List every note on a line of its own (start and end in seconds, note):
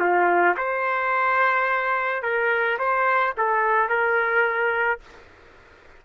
0.00 0.56 F4
0.57 2.23 C5
2.23 2.78 A#4
2.79 3.34 C5
3.37 3.89 A4
3.89 5.01 A#4